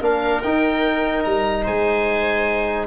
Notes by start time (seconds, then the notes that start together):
0.00 A#3 D4 A#4 F5
0.42 D#4 G5
1.24 G3 A#5
1.63 G#3 C5 G#5